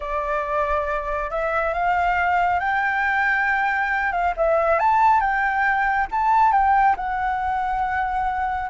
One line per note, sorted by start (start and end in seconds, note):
0.00 1.30 D5
1.30 1.74 E5
1.74 2.59 F5
2.59 4.11 G5
4.12 4.34 F5
4.36 4.79 E5
4.79 5.20 A5
5.20 6.07 G5
6.11 6.52 A5
6.52 6.95 G5
6.96 8.70 F#5